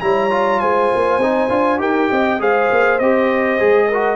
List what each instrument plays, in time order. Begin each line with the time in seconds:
0.00 tuba G3, trombone E4, horn C#5, trumpet A#5
0.30 trombone F4
0.59 tuba G#3, horn C5, trumpet G#5
0.95 tuba A#3
1.17 tuba C4, trombone D#4
1.49 tuba D4, trombone F4
1.78 tuba D#4, trombone G4, horn A#4, trumpet G5
2.10 tuba C4, horn D#5
2.39 tuba G#3, trombone G#4, horn C5, trumpet F5
2.71 tuba A#3
2.98 tuba C4, trombone G4, trumpet D#5
3.59 tuba G#3, trombone G#4
3.88 trombone F#4, horn A#4